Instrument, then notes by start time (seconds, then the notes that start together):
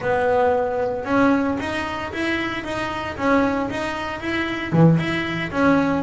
double bass
0.00 B3
1.04 C#4
1.59 D#4
2.12 E4
2.64 D#4
3.17 C#4
3.70 D#4
4.20 E4
4.72 E3
4.98 E4
5.51 C#4